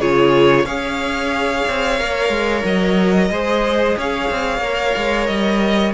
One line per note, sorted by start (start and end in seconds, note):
0.00 0.65 C#3
0.00 0.66 F4
0.00 0.65 G#4
0.00 0.66 C#5
0.65 1.64 C#4
0.65 1.99 G#4
0.65 3.29 C#5
0.65 2.64 F5
1.68 2.01 C4
1.99 2.30 A#3
1.99 3.31 A#4
2.30 2.63 G#3
2.65 3.30 F#3
2.65 3.98 D#5
3.30 3.96 G#3
3.30 4.63 G#4
3.30 3.98 C5
3.98 4.30 C#4
3.98 5.94 C#5
3.98 5.27 F5
4.31 4.59 C4
4.59 4.92 A#3
4.59 5.94 A#4
4.97 5.29 G#3
5.27 5.94 G3
5.27 5.93 D#5